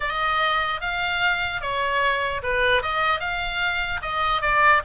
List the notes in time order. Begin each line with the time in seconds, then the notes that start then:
0.00 D#5
0.81 F5
1.61 C#5
2.43 B4
2.82 D#5
3.20 F5
4.02 D#5
4.41 D5